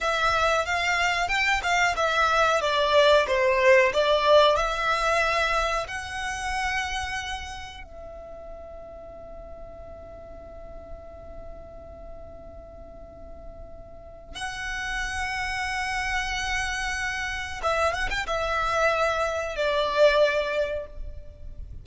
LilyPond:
\new Staff \with { instrumentName = "violin" } { \time 4/4 \tempo 4 = 92 e''4 f''4 g''8 f''8 e''4 | d''4 c''4 d''4 e''4~ | e''4 fis''2. | e''1~ |
e''1~ | e''2 fis''2~ | fis''2. e''8 fis''16 g''16 | e''2 d''2 | }